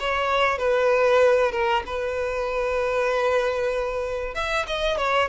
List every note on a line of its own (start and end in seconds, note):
0.00 0.59 C#5
0.59 1.52 B4
1.52 1.83 A#4
1.86 4.35 B4
4.35 4.66 E5
4.67 4.98 D#5
4.98 5.29 C#5